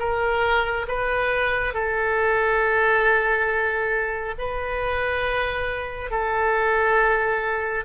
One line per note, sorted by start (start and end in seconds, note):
0.00 0.87 A#4
0.88 1.74 B4
1.74 4.35 A4
4.39 6.11 B4
6.11 7.85 A4